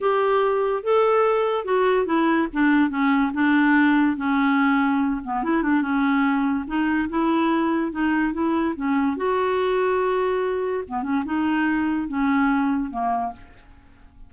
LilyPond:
\new Staff \with { instrumentName = "clarinet" } { \time 4/4 \tempo 4 = 144 g'2 a'2 | fis'4 e'4 d'4 cis'4 | d'2 cis'2~ | cis'8 b8 e'8 d'8 cis'2 |
dis'4 e'2 dis'4 | e'4 cis'4 fis'2~ | fis'2 b8 cis'8 dis'4~ | dis'4 cis'2 ais4 | }